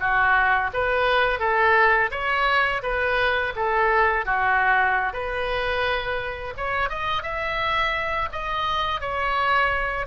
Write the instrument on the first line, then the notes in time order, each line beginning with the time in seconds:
oboe
0.00 F#4
0.73 B4
1.40 A4
2.11 C#5
2.83 B4
3.56 A4
4.25 F#4
5.13 B4
6.57 C#5
6.90 D#5
7.23 E5
8.33 D#5
9.01 C#5